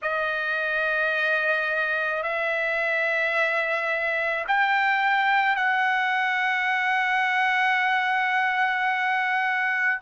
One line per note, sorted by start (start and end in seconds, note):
0.02 2.22 D#5
2.22 4.44 E5
4.47 5.56 G5
5.56 10.00 F#5